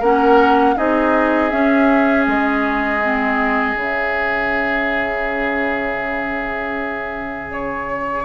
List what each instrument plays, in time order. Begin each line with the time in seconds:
0.00 bassoon A#3, clarinet C#4, oboe A#4, flute F#5
0.77 bassoon C4, clarinet D#4, oboe G#4, flute D#5
1.50 clarinet C#4, bassoon C#4, flute E5
2.27 bassoon G#3, flute D#5
3.03 clarinet C4
3.75 bassoon C#3, clarinet C#4, flute E5
7.53 flute C#5